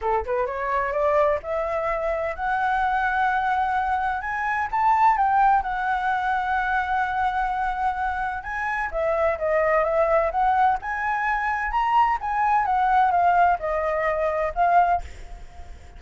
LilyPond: \new Staff \with { instrumentName = "flute" } { \time 4/4 \tempo 4 = 128 a'8 b'8 cis''4 d''4 e''4~ | e''4 fis''2.~ | fis''4 gis''4 a''4 g''4 | fis''1~ |
fis''2 gis''4 e''4 | dis''4 e''4 fis''4 gis''4~ | gis''4 ais''4 gis''4 fis''4 | f''4 dis''2 f''4 | }